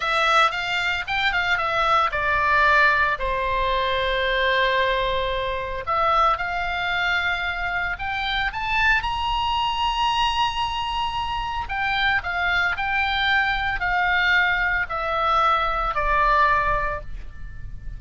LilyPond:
\new Staff \with { instrumentName = "oboe" } { \time 4/4 \tempo 4 = 113 e''4 f''4 g''8 f''8 e''4 | d''2 c''2~ | c''2. e''4 | f''2. g''4 |
a''4 ais''2.~ | ais''2 g''4 f''4 | g''2 f''2 | e''2 d''2 | }